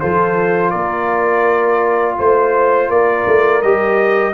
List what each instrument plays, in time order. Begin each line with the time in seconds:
0.00 tuba F3, trombone F4, horn A4, trumpet C5
0.71 tuba A#3, horn A#4, trumpet D5
2.19 tuba A3, trumpet C5, horn C5
2.89 tuba A#3, horn A#4, trumpet D5
3.27 tuba A3
3.62 tuba G3, trombone G4, trumpet D#5